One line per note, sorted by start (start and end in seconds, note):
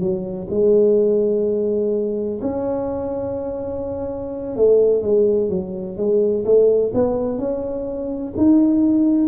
0.00 0.48 F#3
0.50 2.41 G#3
2.42 4.56 C#4
4.56 5.03 A3
5.03 5.50 G#3
5.50 5.97 F#3
5.97 6.45 G#3
6.45 6.93 A3
6.94 7.39 B3
7.39 8.34 C#4
8.37 9.28 D#4